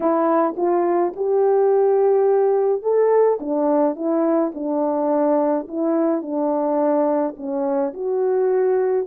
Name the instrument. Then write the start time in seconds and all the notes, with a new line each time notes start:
horn
0.00 E4
0.56 F4
1.16 G4
2.82 A4
3.40 D4
3.95 E4
4.54 D4
5.68 E4
6.21 D4
7.36 C#4
7.93 F#4